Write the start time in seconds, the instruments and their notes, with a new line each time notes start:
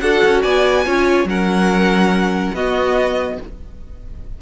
0.00 cello D4, viola F#4, violin A4 F#5
0.25 cello C#4
0.42 cello B3, violin D5 G#5
0.85 cello C#4, viola F4, violin C#5
1.25 cello F#3, viola C#4, violin A#4 F#5
2.54 cello B3, viola B3, violin F#4 D#5